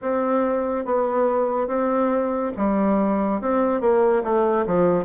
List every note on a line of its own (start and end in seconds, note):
0.01 0.85 C4
0.85 1.67 B3
1.67 2.52 C4
2.56 3.41 G3
3.41 3.80 C4
3.80 4.23 A#3
4.23 4.65 A3
4.66 5.05 F3